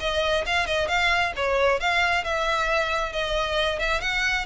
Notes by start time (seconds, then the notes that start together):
0.00 D#5
0.46 F5
0.66 D#5
0.88 F5
1.36 C#5
1.80 F5
2.24 E5
3.12 D#5
3.79 E5
4.01 F#5